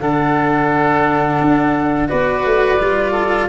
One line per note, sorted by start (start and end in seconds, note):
0.00 1.40 D3
0.00 2.09 D4
0.00 2.09 A4
0.00 2.09 F#5
1.41 2.11 D4
2.09 2.45 B3
2.09 2.78 F#4
2.09 3.12 B4
2.09 3.49 D5
2.45 2.80 A3
2.80 3.50 G3
2.80 3.50 F4
3.12 3.47 A4